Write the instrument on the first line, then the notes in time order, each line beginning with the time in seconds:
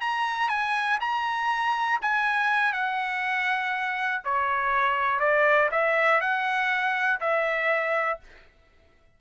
trumpet
0.00 A#5
0.48 G#5
1.00 A#5
2.02 G#5
2.72 F#5
4.24 C#5
5.19 D5
5.71 E5
6.21 F#5
7.20 E5